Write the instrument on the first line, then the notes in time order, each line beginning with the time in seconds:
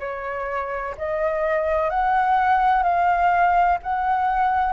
flute
0.00 C#5
0.98 D#5
1.90 F#5
2.83 F5
3.83 F#5